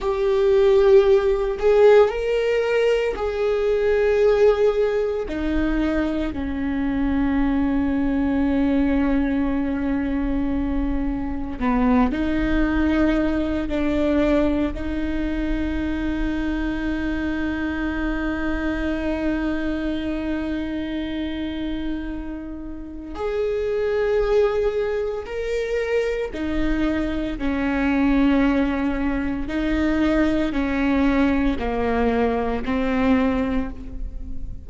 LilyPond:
\new Staff \with { instrumentName = "viola" } { \time 4/4 \tempo 4 = 57 g'4. gis'8 ais'4 gis'4~ | gis'4 dis'4 cis'2~ | cis'2. b8 dis'8~ | dis'4 d'4 dis'2~ |
dis'1~ | dis'2 gis'2 | ais'4 dis'4 cis'2 | dis'4 cis'4 ais4 c'4 | }